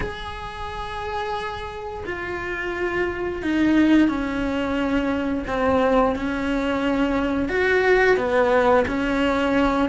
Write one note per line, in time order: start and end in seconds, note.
0.00 2.04 G#4
2.06 3.42 F4
3.42 4.08 D#4
4.08 5.44 C#4
5.47 6.15 C4
6.15 7.48 C#4
7.48 8.16 F#4
8.16 8.85 B3
8.87 9.89 C#4